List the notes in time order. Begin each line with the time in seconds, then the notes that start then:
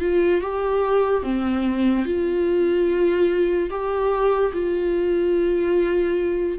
0.00 F4
0.41 G4
1.23 C4
2.05 F4
3.70 G4
4.53 F4